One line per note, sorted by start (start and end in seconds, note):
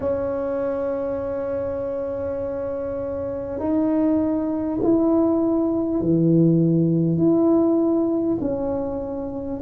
0.00 3.59 C#4
3.59 4.79 D#4
4.82 6.00 E4
6.00 7.17 E3
7.17 8.37 E4
8.40 9.60 C#4